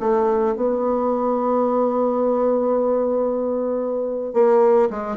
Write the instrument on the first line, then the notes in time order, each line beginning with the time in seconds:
bassoon
0.00 A3
0.56 B3
4.34 A#3
4.90 G#3